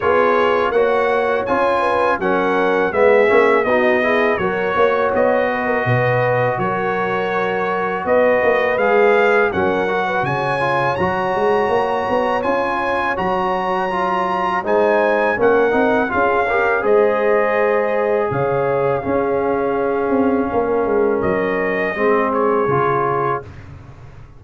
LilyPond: <<
  \new Staff \with { instrumentName = "trumpet" } { \time 4/4 \tempo 4 = 82 cis''4 fis''4 gis''4 fis''4 | e''4 dis''4 cis''4 dis''4~ | dis''4 cis''2 dis''4 | f''4 fis''4 gis''4 ais''4~ |
ais''4 gis''4 ais''2 | gis''4 fis''4 f''4 dis''4~ | dis''4 f''2.~ | f''4 dis''4. cis''4. | }
  \new Staff \with { instrumentName = "horn" } { \time 4/4 gis'4 cis''4. b'8 ais'4 | gis'4 fis'8 gis'8 ais'8 cis''4 b'16 ais'16 | b'4 ais'2 b'4~ | b'4 ais'8. b'16 cis''2~ |
cis''1 | c''4 ais'4 gis'8 ais'8 c''4~ | c''4 cis''4 gis'2 | ais'2 gis'2 | }
  \new Staff \with { instrumentName = "trombone" } { \time 4/4 f'4 fis'4 f'4 cis'4 | b8 cis'8 dis'8 e'8 fis'2~ | fis'1 | gis'4 cis'8 fis'4 f'8 fis'4~ |
fis'4 f'4 fis'4 f'4 | dis'4 cis'8 dis'8 f'8 g'8 gis'4~ | gis'2 cis'2~ | cis'2 c'4 f'4 | }
  \new Staff \with { instrumentName = "tuba" } { \time 4/4 b4 ais4 cis'4 fis4 | gis8 ais8 b4 fis8 ais8 b4 | b,4 fis2 b8 ais8 | gis4 fis4 cis4 fis8 gis8 |
ais8 b8 cis'4 fis2 | gis4 ais8 c'8 cis'4 gis4~ | gis4 cis4 cis'4. c'8 | ais8 gis8 fis4 gis4 cis4 | }
>>